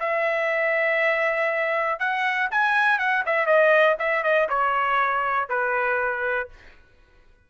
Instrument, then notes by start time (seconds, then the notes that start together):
trumpet
0.00 E5
2.00 F#5
2.51 G#5
2.99 F#5
3.26 E5
3.46 D#5
3.99 E5
4.24 D#5
4.50 C#5
5.49 B4